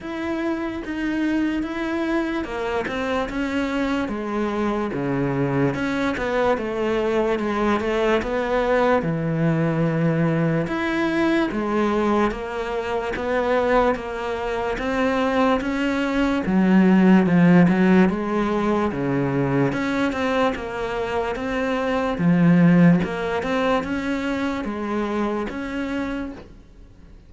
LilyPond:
\new Staff \with { instrumentName = "cello" } { \time 4/4 \tempo 4 = 73 e'4 dis'4 e'4 ais8 c'8 | cis'4 gis4 cis4 cis'8 b8 | a4 gis8 a8 b4 e4~ | e4 e'4 gis4 ais4 |
b4 ais4 c'4 cis'4 | fis4 f8 fis8 gis4 cis4 | cis'8 c'8 ais4 c'4 f4 | ais8 c'8 cis'4 gis4 cis'4 | }